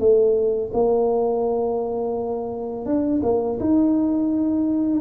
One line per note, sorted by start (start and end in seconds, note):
0.00 0.71 A3
0.74 2.86 A#3
2.86 3.22 D4
3.23 3.59 A#3
3.61 5.01 D#4